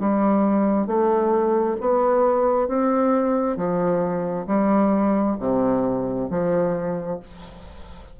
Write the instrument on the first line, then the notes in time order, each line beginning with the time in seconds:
bassoon
0.00 G3
0.87 A3
1.81 B3
2.69 C4
3.57 F3
4.47 G3
5.40 C3
6.31 F3